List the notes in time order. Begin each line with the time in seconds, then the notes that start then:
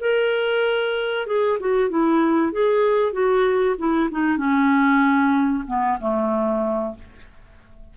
0.00 A#4
1.26 G#4
1.60 F#4
1.89 E4
2.52 G#4
3.12 F#4
3.78 E4
4.11 D#4
4.37 C#4
5.67 B3
6.00 A3